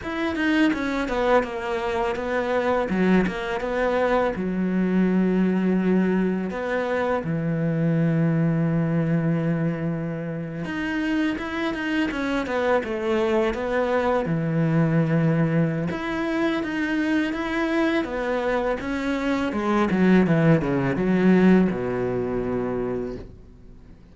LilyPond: \new Staff \with { instrumentName = "cello" } { \time 4/4 \tempo 4 = 83 e'8 dis'8 cis'8 b8 ais4 b4 | fis8 ais8 b4 fis2~ | fis4 b4 e2~ | e2~ e8. dis'4 e'16~ |
e'16 dis'8 cis'8 b8 a4 b4 e16~ | e2 e'4 dis'4 | e'4 b4 cis'4 gis8 fis8 | e8 cis8 fis4 b,2 | }